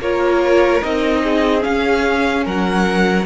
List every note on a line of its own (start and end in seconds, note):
0.00 0.81 A#3
0.00 0.81 F4
0.00 1.22 A#4
0.00 0.83 C#5
0.81 1.65 C4
0.81 1.60 D#4
0.81 1.63 D#5
1.23 2.45 G#4
1.60 3.23 C#4
1.60 2.46 C#4
1.60 2.44 F5
2.45 3.26 F#3
2.45 3.26 A#4
2.45 3.26 F#5